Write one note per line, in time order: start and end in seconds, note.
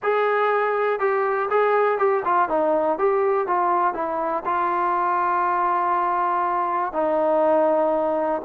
0.02 0.99 G#4
0.99 1.49 G4
1.50 1.98 G#4
1.98 2.23 G4
2.24 2.48 F4
2.48 2.98 D#4
2.98 3.47 G4
3.47 3.94 F4
3.94 4.43 E4
4.45 6.92 F4
6.92 8.41 D#4